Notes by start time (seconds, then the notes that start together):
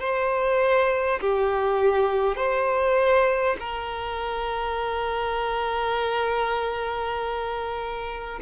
0.00 C5
1.21 G4
2.36 C5
3.60 A#4